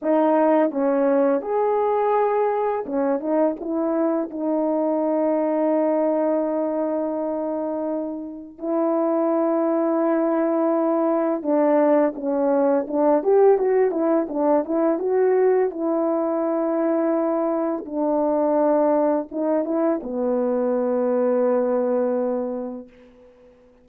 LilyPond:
\new Staff \with { instrumentName = "horn" } { \time 4/4 \tempo 4 = 84 dis'4 cis'4 gis'2 | cis'8 dis'8 e'4 dis'2~ | dis'1 | e'1 |
d'4 cis'4 d'8 g'8 fis'8 e'8 | d'8 e'8 fis'4 e'2~ | e'4 d'2 dis'8 e'8 | b1 | }